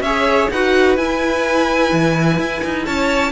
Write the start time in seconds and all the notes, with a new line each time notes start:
0.00 C#4 G#4 C#5 E5
0.50 D#4 F#4 B4 F#5
0.96 E4 G#5
1.92 E3
2.38 E4
2.64 D#4
2.85 C#4 C#5 A5